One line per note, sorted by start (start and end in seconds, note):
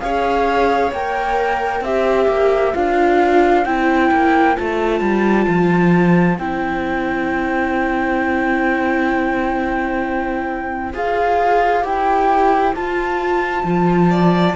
0.00 0.91 C#4
0.00 0.91 G#4
0.00 1.84 C#5
0.00 0.91 F5
0.91 1.81 A#3
0.91 1.84 A#4
0.91 1.84 G5
1.81 2.26 C4
1.81 2.74 G4
1.81 14.10 C5
1.81 2.74 E5
2.28 2.73 A#3
2.74 3.65 D4
2.74 3.65 F4
2.74 3.65 F5
3.65 4.11 C4
3.65 4.55 E4
3.65 4.56 G5
4.11 4.57 A#3
4.55 5.01 A3
4.55 6.37 F4
4.55 6.37 A5
5.01 5.46 G3
5.48 6.39 F3
6.38 10.93 C4
6.38 10.93 E4
6.38 10.93 G5
10.93 11.84 F4
10.93 11.83 G#4
10.93 11.84 F5
11.83 12.75 E4
11.83 12.74 G4
11.83 12.74 G5
12.75 14.55 F4
12.75 13.64 F4
12.75 14.55 A5
13.64 14.55 F3
14.10 14.55 D5